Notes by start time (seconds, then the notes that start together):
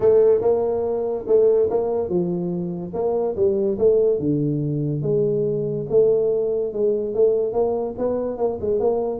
0.00 A3
0.41 A#3
1.27 A3
1.70 A#3
2.08 F3
2.93 A#3
3.36 G3
3.78 A3
4.19 D3
5.02 G#3
5.89 A3
6.73 G#3
7.14 A3
7.53 A#3
7.97 B3
8.37 A#3
8.61 G#3
8.79 A#3